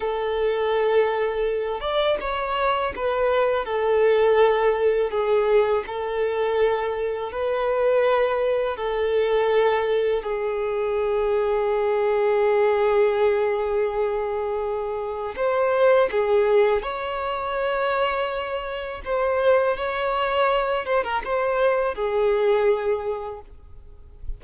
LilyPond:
\new Staff \with { instrumentName = "violin" } { \time 4/4 \tempo 4 = 82 a'2~ a'8 d''8 cis''4 | b'4 a'2 gis'4 | a'2 b'2 | a'2 gis'2~ |
gis'1~ | gis'4 c''4 gis'4 cis''4~ | cis''2 c''4 cis''4~ | cis''8 c''16 ais'16 c''4 gis'2 | }